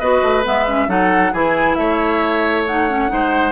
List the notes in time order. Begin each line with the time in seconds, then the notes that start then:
0.00 B3 F#4 B4 D#5
0.23 A3
0.44 G#3 B3 E5
0.68 C#4
0.88 F#3 D#4 A4 F#5
1.33 E3 E4 G#4 G#5
1.75 A3 C#5 E5
2.67 D#4 F#5
2.89 C#4
3.09 G#3 D#4 C5